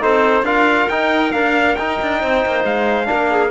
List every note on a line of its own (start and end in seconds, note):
0.00 0.42 C4
0.00 0.44 D#4
0.00 0.44 A4
0.00 0.45 C5
0.42 0.86 D4
0.42 0.89 F4
0.42 2.19 A#4
0.42 0.89 F5
0.89 1.31 D#4
0.89 1.33 D#4
0.89 1.32 G5
1.31 1.75 A#3
1.31 1.77 D4
1.31 1.75 F5
1.75 2.00 D#4
1.75 3.05 D#4
1.75 2.63 G5
2.02 2.23 D4
2.21 2.45 C4
2.21 3.08 C5
2.46 2.64 A#3
2.64 3.08 G#3
2.64 3.50 F5
3.05 3.48 D4
3.05 3.30 A#4
3.11 3.50 A#3
3.30 3.50 G#4